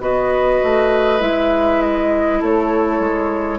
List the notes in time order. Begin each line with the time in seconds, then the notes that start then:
0.00 B3 F#4 B4 D#5
0.64 A3
1.20 G#3 E4 E5
1.81 D#5
2.40 A3 A4 C#5
3.00 G#3